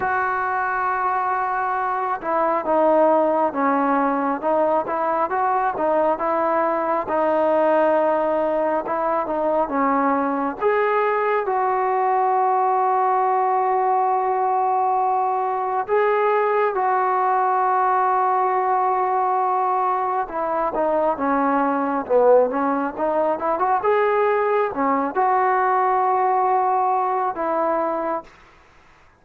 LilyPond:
\new Staff \with { instrumentName = "trombone" } { \time 4/4 \tempo 4 = 68 fis'2~ fis'8 e'8 dis'4 | cis'4 dis'8 e'8 fis'8 dis'8 e'4 | dis'2 e'8 dis'8 cis'4 | gis'4 fis'2.~ |
fis'2 gis'4 fis'4~ | fis'2. e'8 dis'8 | cis'4 b8 cis'8 dis'8 e'16 fis'16 gis'4 | cis'8 fis'2~ fis'8 e'4 | }